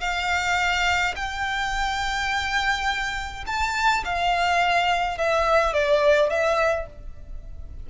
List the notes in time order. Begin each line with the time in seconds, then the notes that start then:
0.00 F5
1.16 G5
3.46 A5
4.04 F5
5.17 E5
5.73 D5
6.29 E5